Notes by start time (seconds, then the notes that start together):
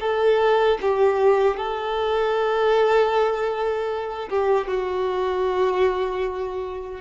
0.00 A4
0.81 G4
1.56 A4
4.29 G4
4.68 F#4